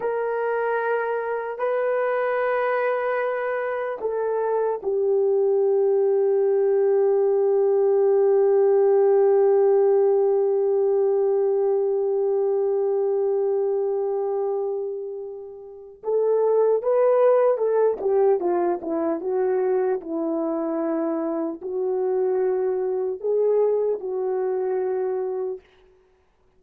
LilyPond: \new Staff \with { instrumentName = "horn" } { \time 4/4 \tempo 4 = 75 ais'2 b'2~ | b'4 a'4 g'2~ | g'1~ | g'1~ |
g'1 | a'4 b'4 a'8 g'8 f'8 e'8 | fis'4 e'2 fis'4~ | fis'4 gis'4 fis'2 | }